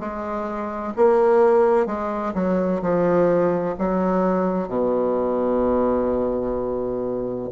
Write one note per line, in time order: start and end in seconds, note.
0.00 0.94 G#3
0.97 1.86 A#3
1.86 2.33 G#3
2.35 2.82 F#3
2.82 3.76 F3
3.79 4.69 F#3
4.69 7.50 B2